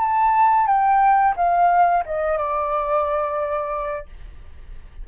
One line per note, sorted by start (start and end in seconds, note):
0.00 0.67 A5
0.67 1.35 G5
1.37 2.04 F5
2.06 2.38 D#5
2.38 4.06 D5